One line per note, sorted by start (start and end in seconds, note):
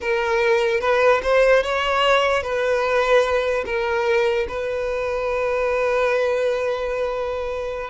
0.00 0.80 A#4
0.80 1.21 B4
1.22 1.63 C5
1.63 2.42 C#5
2.42 3.64 B4
3.65 4.46 A#4
4.48 7.90 B4